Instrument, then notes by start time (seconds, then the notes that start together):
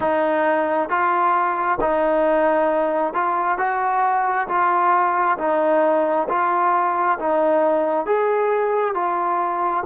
trombone
0.00 D#4
0.89 F4
1.81 D#4
3.13 F4
3.58 F#4
4.48 F4
5.38 D#4
6.28 F4
7.18 D#4
8.06 G#4
8.94 F4